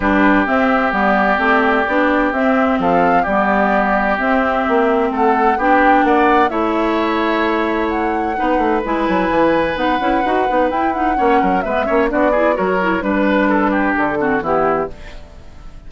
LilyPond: <<
  \new Staff \with { instrumentName = "flute" } { \time 4/4 \tempo 4 = 129 b'4 e''4 d''2~ | d''4 e''4 f''4 d''4~ | d''4 e''2 fis''4 | g''4 fis''4 e''2~ |
e''4 fis''2 gis''4~ | gis''4 fis''2 g''8 fis''8~ | fis''4 e''4 d''4 cis''4 | b'2 a'4 g'4 | }
  \new Staff \with { instrumentName = "oboe" } { \time 4/4 g'1~ | g'2 a'4 g'4~ | g'2. a'4 | g'4 d''4 cis''2~ |
cis''2 b'2~ | b'1 | cis''8 ais'8 b'8 cis''8 fis'8 gis'8 ais'4 | b'4 a'8 g'4 fis'8 e'4 | }
  \new Staff \with { instrumentName = "clarinet" } { \time 4/4 d'4 c'4 b4 c'4 | d'4 c'2 b4~ | b4 c'2. | d'2 e'2~ |
e'2 dis'4 e'4~ | e'4 dis'8 e'8 fis'8 dis'8 e'8 dis'8 | cis'4 b8 cis'8 d'8 e'8 fis'8 e'8 | d'2~ d'8 c'8 b4 | }
  \new Staff \with { instrumentName = "bassoon" } { \time 4/4 g4 c'4 g4 a4 | b4 c'4 f4 g4~ | g4 c'4 ais4 a4 | b4 ais4 a2~ |
a2 b8 a8 gis8 fis8 | e4 b8 cis'8 dis'8 b8 e'4 | ais8 fis8 gis8 ais8 b4 fis4 | g2 d4 e4 | }
>>